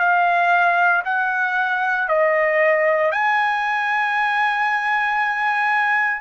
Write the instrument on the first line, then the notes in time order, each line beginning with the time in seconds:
trumpet
0.00 F5
1.05 F#5
2.09 D#5
3.12 G#5